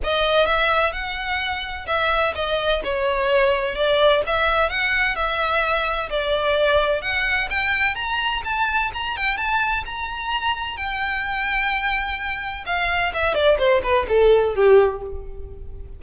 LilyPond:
\new Staff \with { instrumentName = "violin" } { \time 4/4 \tempo 4 = 128 dis''4 e''4 fis''2 | e''4 dis''4 cis''2 | d''4 e''4 fis''4 e''4~ | e''4 d''2 fis''4 |
g''4 ais''4 a''4 ais''8 g''8 | a''4 ais''2 g''4~ | g''2. f''4 | e''8 d''8 c''8 b'8 a'4 g'4 | }